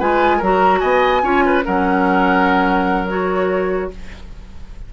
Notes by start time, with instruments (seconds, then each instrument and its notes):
0.00 bassoon G#3, clarinet F4, oboe B4, flute G#5
0.38 bassoon F#3, clarinet F#4, oboe A#4
0.44 flute A#5
0.80 bassoon B3, oboe D#5, flute G#5
1.23 bassoon C#4, clarinet F4, oboe C#5
1.46 oboe B4
1.65 bassoon F#3, clarinet C#4, oboe A#4, flute F#5
3.09 clarinet F#4, flute C#5